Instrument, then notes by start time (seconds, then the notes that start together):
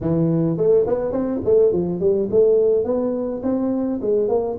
tuba
0.00 E3
0.57 A3
0.86 B3
1.11 C4
1.44 A3
1.72 F3
2.00 G3
2.30 A3
2.84 B3
3.42 C4
4.01 G#3
4.28 A#3